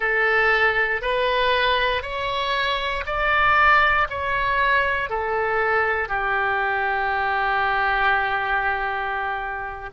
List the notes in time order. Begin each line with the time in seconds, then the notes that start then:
0.00 A4
1.01 B4
2.02 C#5
3.06 D5
4.09 C#5
5.09 A4
6.08 G4